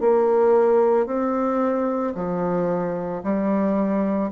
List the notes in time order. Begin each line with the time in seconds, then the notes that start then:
0.00 A#3
1.06 C4
2.15 F3
3.23 G3